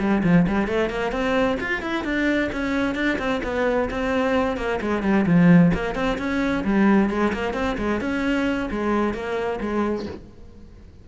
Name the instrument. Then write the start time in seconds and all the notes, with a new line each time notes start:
cello
0.00 G3
0.24 F3
0.48 G3
0.68 A3
0.90 A#3
1.12 C4
1.60 F4
1.82 E4
2.04 D4
2.53 C#4
2.95 D4
3.19 C4
3.44 B3
3.90 C4
4.57 A#3
4.81 G#3
5.03 G3
5.27 F3
5.74 A#3
5.95 C4
6.18 C#4
6.64 G3
7.10 G#3
7.33 A#3
7.54 C4
7.78 G#3
8.01 C#4
8.71 G#3
9.14 A#3
9.61 G#3